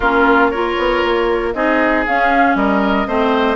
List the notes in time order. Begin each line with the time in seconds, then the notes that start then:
0.00 A#3 C#4 F4 A#4
0.49 F4 A#4 C#5
0.77 B3
1.03 A#3
1.53 C4 D#4 G#4 D#5
2.06 C#4 F5
2.55 G3 A#4 D#5
3.07 A3 C4 C5